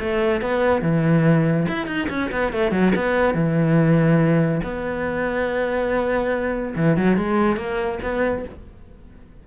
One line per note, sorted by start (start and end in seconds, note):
0.00 0.42 A3
0.42 0.82 B3
0.82 1.67 E3
1.68 1.87 E4
1.87 2.08 D#4
2.10 2.31 C#4
2.32 2.53 B3
2.53 2.72 A3
2.72 2.93 F#3
2.96 3.35 B3
3.35 4.61 E3
4.63 6.75 B3
6.76 6.97 E3
6.97 7.17 F#3
7.17 7.57 G#3
7.57 7.99 A#3
8.03 8.45 B3